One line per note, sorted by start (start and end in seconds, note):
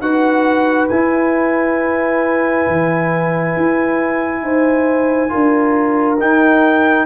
0.00 0.88 D#4
0.00 0.90 F#4
0.00 4.43 B4
0.00 0.87 F#5
0.87 2.67 E4
0.87 5.29 E4
0.87 6.17 G#5
2.67 3.55 E3
3.56 4.41 E4
4.41 5.30 D#4
4.41 5.31 C5
5.29 6.20 D4
5.29 6.17 F4
5.29 7.06 A#4
6.19 7.06 D#4
6.19 7.06 G5